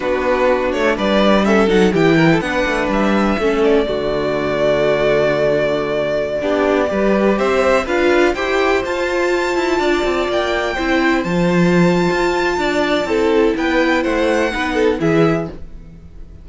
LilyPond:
<<
  \new Staff \with { instrumentName = "violin" } { \time 4/4 \tempo 4 = 124 b'4. cis''8 d''4 e''8 fis''8 | g''4 fis''4 e''4. d''8~ | d''1~ | d''2.~ d''16 e''8.~ |
e''16 f''4 g''4 a''4.~ a''16~ | a''4~ a''16 g''2 a''8.~ | a''1 | g''4 fis''2 e''4 | }
  \new Staff \with { instrumentName = "violin" } { \time 4/4 fis'2 b'4 a'4 | g'8 ais'16 a'16 b'2 a'4 | fis'1~ | fis'4~ fis'16 g'4 b'4 c''8.~ |
c''16 b'4 c''2~ c''8.~ | c''16 d''2 c''4.~ c''16~ | c''2 d''4 a'4 | b'4 c''4 b'8 a'8 gis'4 | }
  \new Staff \with { instrumentName = "viola" } { \time 4/4 d'2. cis'8 dis'8 | e'4 d'2 cis'4 | a1~ | a4~ a16 d'4 g'4.~ g'16~ |
g'16 f'4 g'4 f'4.~ f'16~ | f'2~ f'16 e'4 f'8.~ | f'2. e'4~ | e'2 dis'4 e'4 | }
  \new Staff \with { instrumentName = "cello" } { \time 4/4 b4. a8 g4. fis8 | e4 b8 a8 g4 a4 | d1~ | d4~ d16 b4 g4 c'8.~ |
c'16 d'4 e'4 f'4. e'16~ | e'16 d'8 c'8 ais4 c'4 f8.~ | f4 f'4 d'4 c'4 | b4 a4 b4 e4 | }
>>